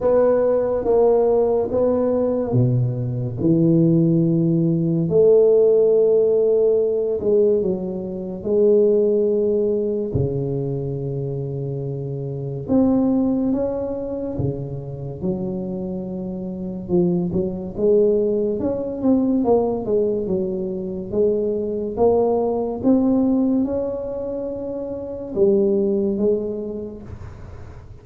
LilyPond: \new Staff \with { instrumentName = "tuba" } { \time 4/4 \tempo 4 = 71 b4 ais4 b4 b,4 | e2 a2~ | a8 gis8 fis4 gis2 | cis2. c'4 |
cis'4 cis4 fis2 | f8 fis8 gis4 cis'8 c'8 ais8 gis8 | fis4 gis4 ais4 c'4 | cis'2 g4 gis4 | }